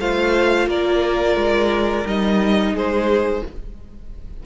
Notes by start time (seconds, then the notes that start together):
0.00 A3 F4 C5 F5
0.68 A#3 A#4 D5
1.36 G#3
2.06 G3 D#4 D#5
2.73 G#3 G#4 C5